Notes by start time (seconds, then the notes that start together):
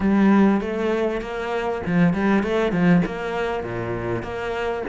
0.00 G3
0.60 A3
1.21 A#3
1.86 F3
2.13 G3
2.43 A3
2.71 F3
3.05 A#3
3.63 A#2
4.22 A#3